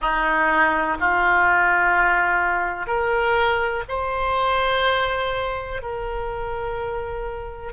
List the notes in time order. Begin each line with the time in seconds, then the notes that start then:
0.00 D#4
0.99 F4
2.86 A#4
3.88 C5
5.82 A#4